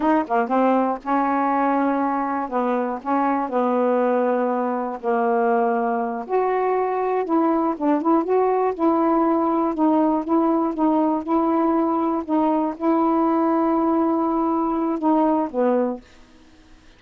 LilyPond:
\new Staff \with { instrumentName = "saxophone" } { \time 4/4 \tempo 4 = 120 dis'8 ais8 c'4 cis'2~ | cis'4 b4 cis'4 b4~ | b2 ais2~ | ais8 fis'2 e'4 d'8 |
e'8 fis'4 e'2 dis'8~ | dis'8 e'4 dis'4 e'4.~ | e'8 dis'4 e'2~ e'8~ | e'2 dis'4 b4 | }